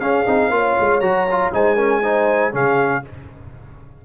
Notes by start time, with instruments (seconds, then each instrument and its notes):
0.00 tuba C#4, trombone C#4, horn G#4, trumpet F5
0.26 tuba C4, trombone D#4
0.50 tuba A#3, trombone F4, horn C#5
0.80 tuba G#3
1.01 tuba F#3, trombone F#4, trumpet A#5
1.31 trombone F4
1.53 tuba G#3, trombone D#4, horn C5, trumpet G#5
1.75 trombone C#4, horn A#4
2.03 trombone D#4, horn C5
2.52 tuba C#3, trombone C#4, horn G#4, trumpet F5